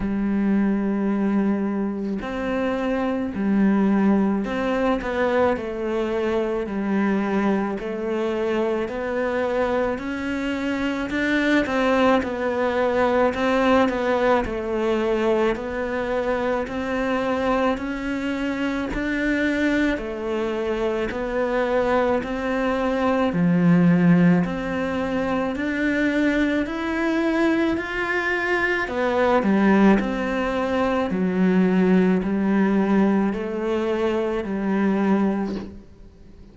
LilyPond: \new Staff \with { instrumentName = "cello" } { \time 4/4 \tempo 4 = 54 g2 c'4 g4 | c'8 b8 a4 g4 a4 | b4 cis'4 d'8 c'8 b4 | c'8 b8 a4 b4 c'4 |
cis'4 d'4 a4 b4 | c'4 f4 c'4 d'4 | e'4 f'4 b8 g8 c'4 | fis4 g4 a4 g4 | }